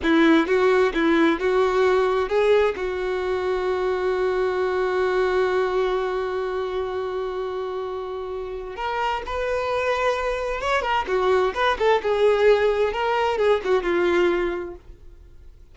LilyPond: \new Staff \with { instrumentName = "violin" } { \time 4/4 \tempo 4 = 130 e'4 fis'4 e'4 fis'4~ | fis'4 gis'4 fis'2~ | fis'1~ | fis'1~ |
fis'2. ais'4 | b'2. cis''8 ais'8 | fis'4 b'8 a'8 gis'2 | ais'4 gis'8 fis'8 f'2 | }